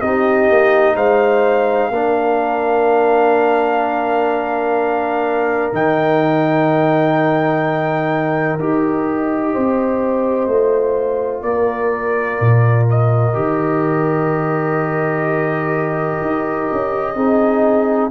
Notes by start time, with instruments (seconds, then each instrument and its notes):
0.00 tuba C4, trombone D#4, horn G4, trumpet D#5
0.49 tuba A#3
0.95 tuba G#3, horn C5, trumpet F5
1.90 tuba A#3, trombone D4, horn A#4
5.73 tuba D#3, trombone D#4, trumpet G5
8.59 tuba D#4, trombone G4, trumpet D#5
9.53 tuba C4, horn C5
10.47 tuba A3, trombone F4
11.42 tuba A#3, horn A#4, trumpet D5
12.40 tuba A#2
12.90 trumpet D#5
13.33 tuba D#3, trombone G4
16.21 tuba D#4
16.72 tuba C#4
17.15 tuba C4, trombone D#4, horn G#4